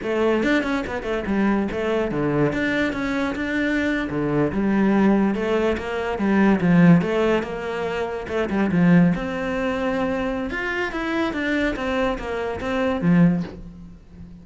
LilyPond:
\new Staff \with { instrumentName = "cello" } { \time 4/4 \tempo 4 = 143 a4 d'8 cis'8 b8 a8 g4 | a4 d4 d'4 cis'4 | d'4.~ d'16 d4 g4~ g16~ | g8. a4 ais4 g4 f16~ |
f8. a4 ais2 a16~ | a16 g8 f4 c'2~ c'16~ | c'4 f'4 e'4 d'4 | c'4 ais4 c'4 f4 | }